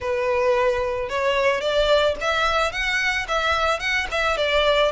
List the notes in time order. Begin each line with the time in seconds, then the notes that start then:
0.00 B4
1.09 C#5
1.60 D5
2.20 E5
2.71 F#5
3.28 E5
3.79 F#5
4.11 E5
4.37 D5